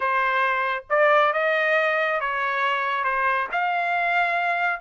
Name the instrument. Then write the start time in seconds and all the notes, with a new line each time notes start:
trumpet
0.00 C5
0.89 D5
1.33 D#5
2.20 C#5
3.04 C5
3.52 F5